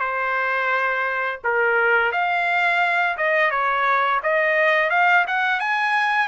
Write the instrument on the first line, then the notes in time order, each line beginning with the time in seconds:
trumpet
0.00 C5
1.44 A#4
2.12 F5
3.17 D#5
3.51 C#5
4.23 D#5
4.90 F5
5.27 F#5
5.60 G#5